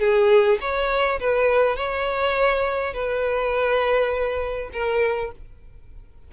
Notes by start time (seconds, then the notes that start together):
0.00 G#4
0.61 C#5
1.20 B4
1.77 C#5
2.94 B4
4.73 A#4